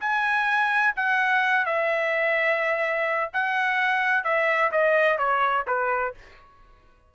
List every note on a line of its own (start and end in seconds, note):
0.00 0.94 G#5
0.96 1.65 F#5
1.65 3.31 E5
3.33 4.24 F#5
4.24 4.71 E5
4.72 5.18 D#5
5.18 5.65 C#5
5.67 6.14 B4